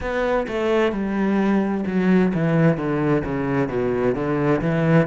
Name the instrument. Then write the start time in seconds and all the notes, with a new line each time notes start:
cello
0.00 B3
0.47 A3
0.92 G3
1.86 F#3
2.33 E3
2.77 D3
3.24 C#3
3.68 B2
4.15 D3
4.61 E3